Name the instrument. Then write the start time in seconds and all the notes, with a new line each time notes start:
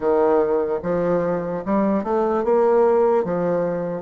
bassoon
0.00 D#3
0.83 F3
1.65 G3
2.03 A3
2.43 A#3
3.24 F3